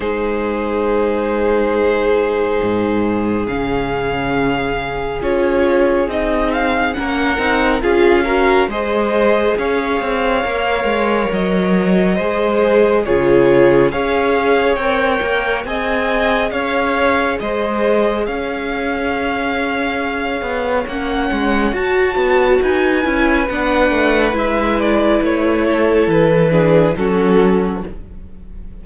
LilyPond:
<<
  \new Staff \with { instrumentName = "violin" } { \time 4/4 \tempo 4 = 69 c''1 | f''2 cis''4 dis''8 f''8 | fis''4 f''4 dis''4 f''4~ | f''4 dis''2 cis''4 |
f''4 g''4 gis''4 f''4 | dis''4 f''2. | fis''4 a''4 gis''4 fis''4 | e''8 d''8 cis''4 b'4 a'4 | }
  \new Staff \with { instrumentName = "violin" } { \time 4/4 gis'1~ | gis'1 | ais'4 gis'8 ais'8 c''4 cis''4~ | cis''2 c''4 gis'4 |
cis''2 dis''4 cis''4 | c''4 cis''2.~ | cis''2 b'2~ | b'4. a'4 gis'8 fis'4 | }
  \new Staff \with { instrumentName = "viola" } { \time 4/4 dis'1 | cis'2 f'4 dis'4 | cis'8 dis'8 f'8 fis'8 gis'2 | ais'2 gis'4 f'4 |
gis'4 ais'4 gis'2~ | gis'1 | cis'4 fis'4. e'8 d'4 | e'2~ e'8 d'8 cis'4 | }
  \new Staff \with { instrumentName = "cello" } { \time 4/4 gis2. gis,4 | cis2 cis'4 c'4 | ais8 c'8 cis'4 gis4 cis'8 c'8 | ais8 gis8 fis4 gis4 cis4 |
cis'4 c'8 ais8 c'4 cis'4 | gis4 cis'2~ cis'8 b8 | ais8 gis8 fis'8 b8 dis'8 cis'8 b8 a8 | gis4 a4 e4 fis4 | }
>>